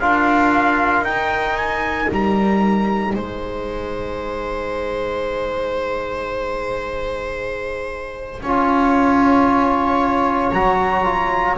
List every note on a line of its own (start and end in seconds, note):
0.00 1.01 D4
0.00 1.06 F4
0.00 3.15 A#4
0.00 1.05 F5
1.01 2.07 D#4
1.01 8.43 D#4
1.01 1.57 G5
1.57 2.10 G#5
2.11 3.14 G3
2.11 3.14 A#5
3.14 8.41 G#3
3.14 8.41 C5
3.14 10.51 G#5
8.41 10.52 C#4
8.41 10.54 F4
8.41 11.57 C#5
10.52 11.57 F#3
10.52 11.04 F#4
10.52 11.57 A#5
11.04 11.57 F4